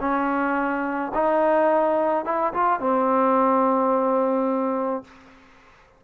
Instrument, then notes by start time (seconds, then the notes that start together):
trombone
0.00 C#4
1.14 D#4
2.25 E4
2.54 F4
2.80 C4